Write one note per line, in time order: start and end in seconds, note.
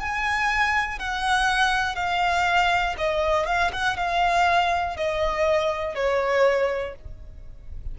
0.00 1.00 G#5
1.00 1.96 F#5
1.96 2.96 F5
2.98 3.46 D#5
3.46 3.71 F5
3.73 3.97 F#5
3.97 4.97 F5
4.97 5.95 D#5
5.95 6.95 C#5